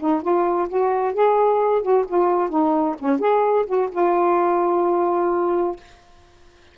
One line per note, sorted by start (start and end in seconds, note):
0.00 0.22 D#4
0.22 0.69 F4
0.69 1.14 F#4
1.14 1.83 G#4
1.83 2.06 F#4
2.08 2.50 F4
2.50 2.96 D#4
2.99 3.20 C#4
3.20 3.66 G#4
3.67 3.90 F#4
3.92 5.77 F4